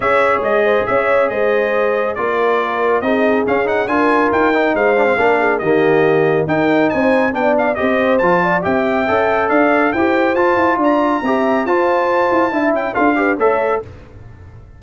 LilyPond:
<<
  \new Staff \with { instrumentName = "trumpet" } { \time 4/4 \tempo 4 = 139 e''4 dis''4 e''4 dis''4~ | dis''4 d''2 dis''4 | f''8 fis''8 gis''4 g''4 f''4~ | f''4 dis''2 g''4 |
gis''4 g''8 f''8 dis''4 a''4 | g''2 f''4 g''4 | a''4 ais''2 a''4~ | a''4. g''8 f''4 e''4 | }
  \new Staff \with { instrumentName = "horn" } { \time 4/4 cis''4. c''8 cis''4 c''4~ | c''4 ais'2 gis'4~ | gis'4 ais'2 c''4 | ais'8 gis'8 g'2 ais'4 |
c''4 d''4 c''4. d''8 | e''2 d''4 c''4~ | c''4 d''4 e''4 c''4~ | c''4 e''4 a'8 b'8 cis''4 | }
  \new Staff \with { instrumentName = "trombone" } { \time 4/4 gis'1~ | gis'4 f'2 dis'4 | cis'8 dis'8 f'4. dis'4 d'16 c'16 | d'4 ais2 dis'4~ |
dis'4 d'4 g'4 f'4 | g'4 a'2 g'4 | f'2 g'4 f'4~ | f'4 e'4 f'8 g'8 a'4 | }
  \new Staff \with { instrumentName = "tuba" } { \time 4/4 cis'4 gis4 cis'4 gis4~ | gis4 ais2 c'4 | cis'4 d'4 dis'4 gis4 | ais4 dis2 dis'4 |
c'4 b4 c'4 f4 | c'4 cis'4 d'4 e'4 | f'8 e'8 d'4 c'4 f'4~ | f'8 e'8 d'8 cis'8 d'4 a4 | }
>>